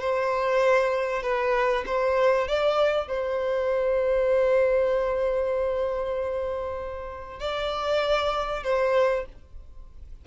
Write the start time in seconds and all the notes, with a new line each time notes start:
0.00 C5
1.22 B4
1.86 C5
2.47 D5
3.08 C5
7.39 D5
8.63 C5